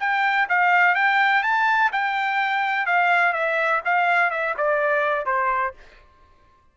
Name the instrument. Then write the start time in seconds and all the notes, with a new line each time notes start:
trumpet
0.00 G5
0.49 F5
0.95 G5
1.43 A5
1.92 G5
2.86 F5
3.33 E5
3.85 F5
4.31 E5
4.58 D5
5.26 C5